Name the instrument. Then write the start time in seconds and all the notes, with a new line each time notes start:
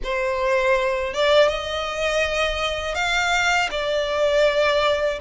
violin
0.03 C5
1.13 D5
1.48 D#5
2.95 F5
3.70 D5